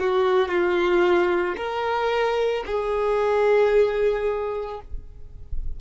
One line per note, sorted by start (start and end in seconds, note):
0.00 0.49 F#4
0.49 1.56 F4
1.57 2.64 A#4
2.66 4.81 G#4